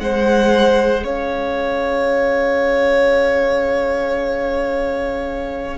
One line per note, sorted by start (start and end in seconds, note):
0.00 1.05 G#3
0.00 5.78 G#4
0.00 1.04 C5
0.00 1.06 F#5
1.04 5.78 C#4
1.04 5.78 C#5
1.04 5.78 F5